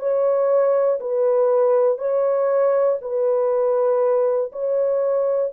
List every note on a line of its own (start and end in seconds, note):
0.00 1.00 C#5
1.01 1.99 B4
1.99 2.99 C#5
3.02 4.52 B4
4.52 5.52 C#5